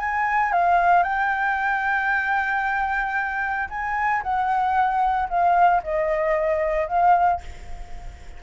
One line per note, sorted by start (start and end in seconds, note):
0.00 0.53 G#5
0.53 1.04 F5
1.04 3.69 G5
3.70 4.23 G#5
4.23 5.29 F#5
5.30 5.83 F5
5.84 6.88 D#5
6.88 7.41 F5